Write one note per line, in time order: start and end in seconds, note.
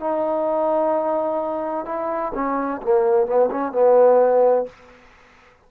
0.00 1.86 D#4
1.86 2.33 E4
2.34 2.81 C#4
2.83 3.26 A#3
3.26 3.50 B3
3.51 3.72 C#4
3.72 4.66 B3